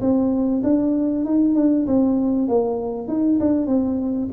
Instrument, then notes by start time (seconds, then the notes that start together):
tuba
0.00 C4
0.63 D4
1.25 D#4
1.55 D4
1.86 C4
2.48 A#3
3.08 D#4
3.40 D4
3.66 C4